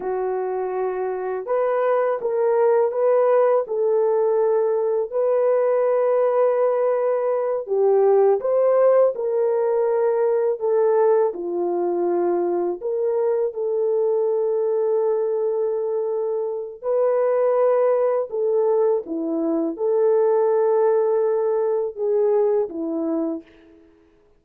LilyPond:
\new Staff \with { instrumentName = "horn" } { \time 4/4 \tempo 4 = 82 fis'2 b'4 ais'4 | b'4 a'2 b'4~ | b'2~ b'8 g'4 c''8~ | c''8 ais'2 a'4 f'8~ |
f'4. ais'4 a'4.~ | a'2. b'4~ | b'4 a'4 e'4 a'4~ | a'2 gis'4 e'4 | }